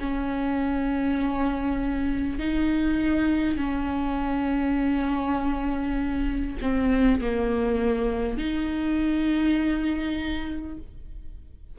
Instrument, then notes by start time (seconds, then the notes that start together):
viola
0.00 C#4
2.39 D#4
3.57 C#4
6.62 C4
7.21 A#3
8.38 D#4